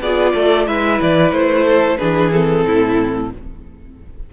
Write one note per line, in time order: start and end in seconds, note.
0.00 0.34 B3
0.00 0.67 F4
0.00 0.33 G#4
0.00 0.67 D5
0.34 0.68 A3
0.34 0.67 A4
0.67 1.01 G#3
0.67 1.99 E4
0.67 1.65 B4
0.67 1.00 E5
1.02 1.32 E3
1.02 1.32 D5
1.32 1.98 A3
1.32 1.98 C5
1.65 1.98 A4
1.98 2.66 E3
1.98 2.32 D4
1.98 2.65 G#4
1.98 2.31 B4
2.32 3.33 C4
2.32 3.31 A4
2.66 3.32 A2
2.66 3.33 E4